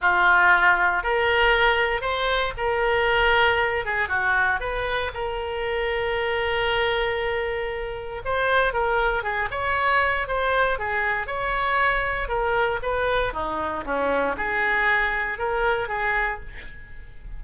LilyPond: \new Staff \with { instrumentName = "oboe" } { \time 4/4 \tempo 4 = 117 f'2 ais'2 | c''4 ais'2~ ais'8 gis'8 | fis'4 b'4 ais'2~ | ais'1 |
c''4 ais'4 gis'8 cis''4. | c''4 gis'4 cis''2 | ais'4 b'4 dis'4 cis'4 | gis'2 ais'4 gis'4 | }